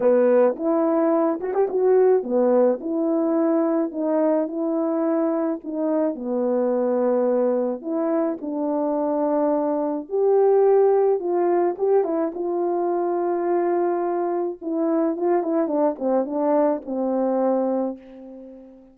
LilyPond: \new Staff \with { instrumentName = "horn" } { \time 4/4 \tempo 4 = 107 b4 e'4. fis'16 g'16 fis'4 | b4 e'2 dis'4 | e'2 dis'4 b4~ | b2 e'4 d'4~ |
d'2 g'2 | f'4 g'8 e'8 f'2~ | f'2 e'4 f'8 e'8 | d'8 c'8 d'4 c'2 | }